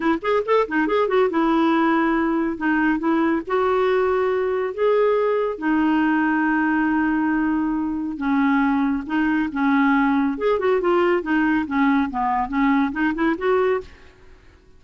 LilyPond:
\new Staff \with { instrumentName = "clarinet" } { \time 4/4 \tempo 4 = 139 e'8 gis'8 a'8 dis'8 gis'8 fis'8 e'4~ | e'2 dis'4 e'4 | fis'2. gis'4~ | gis'4 dis'2.~ |
dis'2. cis'4~ | cis'4 dis'4 cis'2 | gis'8 fis'8 f'4 dis'4 cis'4 | b4 cis'4 dis'8 e'8 fis'4 | }